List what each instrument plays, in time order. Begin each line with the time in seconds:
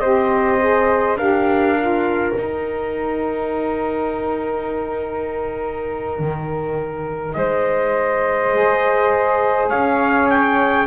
0.00 double bass C4, saxophone G4, flute C5, trumpet D#5
0.60 saxophone G#4
1.15 double bass D4, saxophone G4, flute A#4, trumpet F5
1.79 saxophone F4
2.34 saxophone D#4, double bass D#4, trumpet G5
6.20 double bass D#3
7.34 double bass G#3, flute C5, trumpet D#5
8.54 saxophone G#4
9.70 double bass C#4, flute C#5, trumpet F5
10.30 trumpet G5